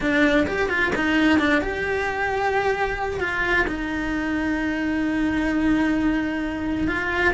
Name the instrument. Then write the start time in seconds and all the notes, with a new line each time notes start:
cello
0.00 D4
0.46 G4
0.69 F4
0.95 D#4
1.39 D4
1.61 G4
3.20 F4
3.67 D#4
6.87 F4